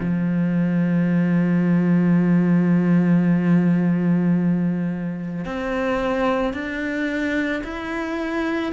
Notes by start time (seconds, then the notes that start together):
0.00 F3
5.45 C4
6.54 D4
7.64 E4